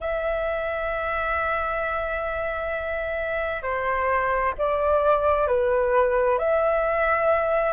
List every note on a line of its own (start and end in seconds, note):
0.00 3.62 E5
3.62 4.53 C5
4.58 5.47 D5
5.47 6.38 B4
6.38 7.73 E5